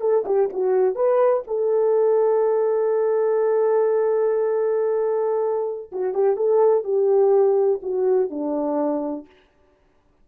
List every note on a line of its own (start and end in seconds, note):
0.00 0.24 A4
0.25 0.49 G4
0.52 0.94 F#4
0.94 1.42 B4
1.47 5.91 A4
5.92 6.14 F#4
6.14 6.36 G4
6.36 6.84 A4
6.84 7.80 G4
7.82 8.30 F#4
8.30 9.26 D4